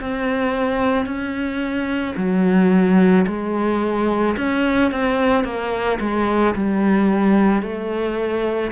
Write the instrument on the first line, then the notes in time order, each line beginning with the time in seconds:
cello
0.00 C4
1.06 C#4
2.17 F#3
3.27 G#3
4.37 C#4
4.91 C4
5.44 A#3
6.00 G#3
6.55 G3
7.62 A3